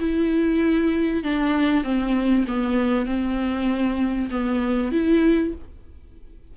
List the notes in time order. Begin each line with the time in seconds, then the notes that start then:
0.00 E4
1.24 D4
1.84 C4
2.48 B3
3.06 C4
4.31 B3
4.92 E4